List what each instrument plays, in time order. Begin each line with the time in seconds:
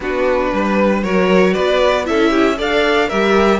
0.00 cello B3, viola D4, violin F#4 B4
0.52 cello G3, violin B4
1.02 cello F#3, viola F#4, violin A#4 C#5
1.53 cello B3, violin B4 D5
2.05 cello C#4, viola E4, violin A4 E5
2.29 violin G4
2.57 cello D4, viola A4, violin D5 F5
3.07 cello G3, viola G4, violin A#4 E5